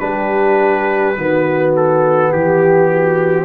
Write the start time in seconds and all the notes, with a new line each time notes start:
0.00 G3 D4 G4 B4
1.16 D#3 B3 F#4
1.76 A4
2.32 E3 G4
2.92 F#4